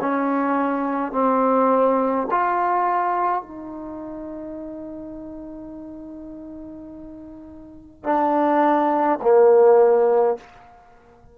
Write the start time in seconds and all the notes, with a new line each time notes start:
0.00 C#4
1.12 C4
2.30 F4
3.41 D#4
8.03 D4
9.22 A#3